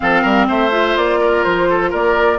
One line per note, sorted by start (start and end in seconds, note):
0.00 0.24 F3
0.00 0.70 C4
0.00 0.21 A4
0.00 0.47 F5
0.21 0.48 G3
0.21 0.46 A#4
0.48 0.96 A3
0.48 1.20 C5
0.48 0.96 E5
0.70 2.38 F4
0.96 1.44 A#3
0.96 1.43 D5
1.20 1.68 A#4
1.43 1.93 F3
1.43 1.91 C5
1.69 1.89 A4
1.89 2.39 A#3
1.89 2.37 A#4
1.89 2.39 D5